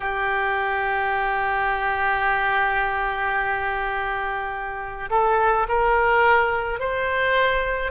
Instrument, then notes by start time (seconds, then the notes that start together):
oboe
0.00 G4
5.09 A4
5.68 A#4
6.79 C5